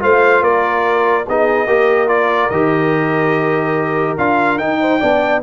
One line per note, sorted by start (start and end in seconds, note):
0.00 0.42 A3
0.00 1.25 F4
0.00 0.43 C5
0.00 0.44 F5
0.42 1.25 A#3
0.42 1.27 A#4
0.42 1.27 D5
1.28 1.67 B3
1.28 1.67 D#4
1.28 1.67 G#4
1.28 2.09 D#5
1.67 2.50 A#3
1.67 2.08 G4
1.67 4.80 A#4
2.08 2.50 F4
2.08 2.50 D5
2.50 4.18 D#3
2.50 4.18 G4
2.50 4.17 D#5
4.18 4.59 D4
4.18 4.60 F4
4.18 4.59 F5
4.59 5.01 D#4
4.59 5.00 D#4
4.59 5.42 G5
4.80 5.00 C5
5.00 5.43 B3
5.00 5.42 D4
5.00 5.42 D5